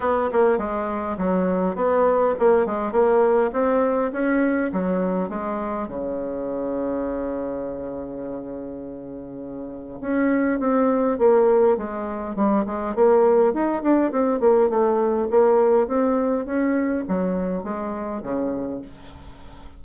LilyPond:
\new Staff \with { instrumentName = "bassoon" } { \time 4/4 \tempo 4 = 102 b8 ais8 gis4 fis4 b4 | ais8 gis8 ais4 c'4 cis'4 | fis4 gis4 cis2~ | cis1~ |
cis4 cis'4 c'4 ais4 | gis4 g8 gis8 ais4 dis'8 d'8 | c'8 ais8 a4 ais4 c'4 | cis'4 fis4 gis4 cis4 | }